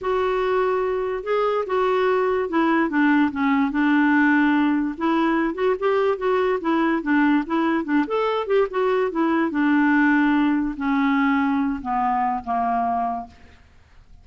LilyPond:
\new Staff \with { instrumentName = "clarinet" } { \time 4/4 \tempo 4 = 145 fis'2. gis'4 | fis'2 e'4 d'4 | cis'4 d'2. | e'4. fis'8 g'4 fis'4 |
e'4 d'4 e'4 d'8 a'8~ | a'8 g'8 fis'4 e'4 d'4~ | d'2 cis'2~ | cis'8 b4. ais2 | }